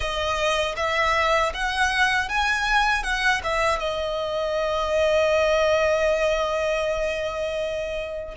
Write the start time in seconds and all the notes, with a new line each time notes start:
0.00 D#5
0.76 E5
1.54 F#5
2.29 G#5
3.03 F#5
3.43 E5
3.79 D#5